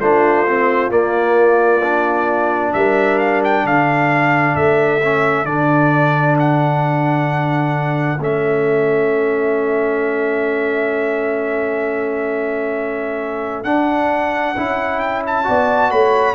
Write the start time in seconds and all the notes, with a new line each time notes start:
0.00 A3 D4 F4 C5
0.48 C4
0.90 A#3 D5
1.83 D4
2.73 G3 A#4 E5
3.19 F5
3.44 G5
3.65 D3 A4 F5
4.55 A3 E5
5.03 C#4
5.45 D3 D4 D5
6.39 F#5
8.20 A3 C#4 E5
13.64 D4 F#5
14.57 C#4 E4
15.00 G5
15.27 A5
15.44 B3 F#4 D5
15.91 A3 C#5 B5